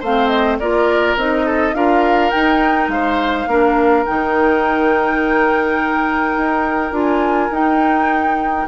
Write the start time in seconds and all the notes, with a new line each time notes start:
0.00 A3 C4 C5 F5
0.28 D#5
0.59 A#3 F4 A#4 D5
1.17 C4 D#4 D#5
1.46 A4
1.74 D4 F4 A#4 F5
2.30 D#4 G5
2.88 G#3 C5 F5
3.47 A#3 D4 A#4
4.06 D#3 D#4 G5
6.37 D#4
6.92 D4 F4 G#5
7.50 D#4 G5